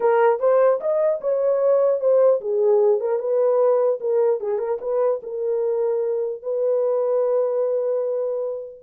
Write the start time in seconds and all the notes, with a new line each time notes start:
0.00 A#4
0.39 C5
0.80 D#5
1.20 C#5
2.00 C5
2.40 G#4
3.00 A#4
3.19 B4
4.00 A#4
4.40 G#4
4.58 A#4
4.80 B4
5.22 A#4
6.42 B4